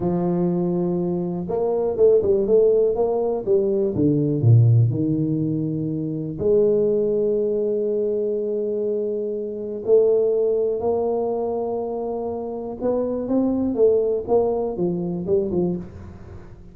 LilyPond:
\new Staff \with { instrumentName = "tuba" } { \time 4/4 \tempo 4 = 122 f2. ais4 | a8 g8 a4 ais4 g4 | d4 ais,4 dis2~ | dis4 gis2.~ |
gis1 | a2 ais2~ | ais2 b4 c'4 | a4 ais4 f4 g8 f8 | }